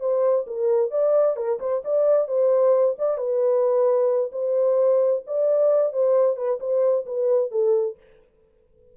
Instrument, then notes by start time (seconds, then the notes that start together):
horn
0.00 C5
0.46 A#4
0.91 D5
1.36 A#4
1.59 C5
1.84 D5
2.27 C5
2.98 D5
3.17 B4
4.32 C5
5.26 D5
5.92 C5
6.36 B4
6.60 C5
7.06 B4
7.51 A4